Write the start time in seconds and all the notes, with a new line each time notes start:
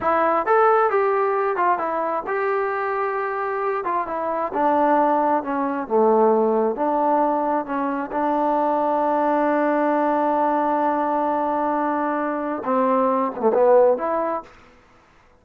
0.01 E4
0.46 A4
0.90 G4
1.56 F4
1.78 E4
2.26 G4
3.84 F4
4.07 E4
4.53 D4
5.43 C#4
5.87 A3
6.75 D4
7.65 C#4
8.11 D4
12.64 C4
13.35 A3 B3
13.53 B3
13.97 E4